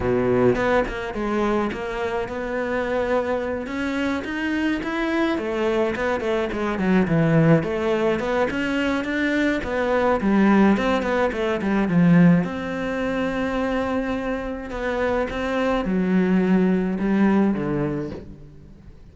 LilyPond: \new Staff \with { instrumentName = "cello" } { \time 4/4 \tempo 4 = 106 b,4 b8 ais8 gis4 ais4 | b2~ b8 cis'4 dis'8~ | dis'8 e'4 a4 b8 a8 gis8 | fis8 e4 a4 b8 cis'4 |
d'4 b4 g4 c'8 b8 | a8 g8 f4 c'2~ | c'2 b4 c'4 | fis2 g4 d4 | }